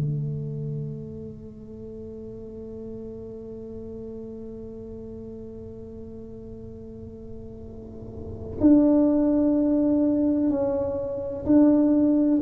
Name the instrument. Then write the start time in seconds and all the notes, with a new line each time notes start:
tuba
0.00 A3
8.60 D4
10.50 C#4
11.45 D4